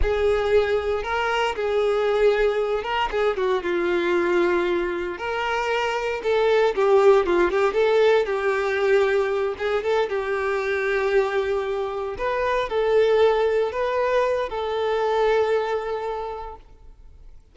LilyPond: \new Staff \with { instrumentName = "violin" } { \time 4/4 \tempo 4 = 116 gis'2 ais'4 gis'4~ | gis'4. ais'8 gis'8 fis'8 f'4~ | f'2 ais'2 | a'4 g'4 f'8 g'8 a'4 |
g'2~ g'8 gis'8 a'8 g'8~ | g'2.~ g'8 b'8~ | b'8 a'2 b'4. | a'1 | }